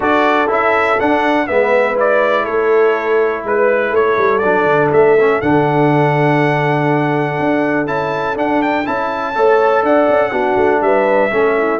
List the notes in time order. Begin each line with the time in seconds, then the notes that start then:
0.00 D4 F#4 A4 D5
0.47 C#4 E4 E5
1.00 D4 F#5
1.47 G#3 B3 B4 E5
1.95 E4 D5
2.43 A3 A4 C#5
3.44 G#3 B4
3.90 A3 A4 C#5
4.17 G3
4.38 F#3 D4 D5
4.65 D3
4.92 A3 E5
5.20 C#4
5.41 D3 D4 F#5
7.39 D4
7.86 C#4 E4 A5
8.35 D4 F#5
8.62 G5
8.85 C#4 E4 A5
9.34 A3 A4 C#5
9.82 D4 D5 F#5
10.08 C#4
10.31 B3 D4 F#4
10.56 A3
10.81 G3 B4 E5
11.30 A3 C#4 A4
11.58 E4